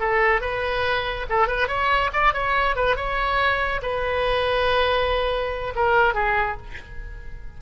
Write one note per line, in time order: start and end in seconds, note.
0.00 0.42 A4
0.42 1.27 B4
1.30 1.48 A4
1.48 1.68 B4
1.68 2.11 C#5
2.14 2.34 D5
2.34 2.76 C#5
2.76 2.97 B4
2.97 3.82 C#5
3.83 5.74 B4
5.76 6.15 A#4
6.15 6.57 G#4